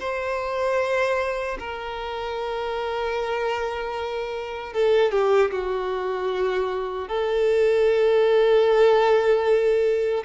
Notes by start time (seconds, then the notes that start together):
0.00 C5
1.59 A#4
4.73 A4
5.11 G4
5.51 F#4
7.08 A4